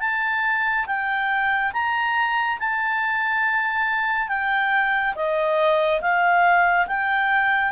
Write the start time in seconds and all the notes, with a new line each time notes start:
0.00 A5
0.87 G5
1.73 A#5
2.59 A5
4.29 G5
5.15 D#5
6.02 F5
6.88 G5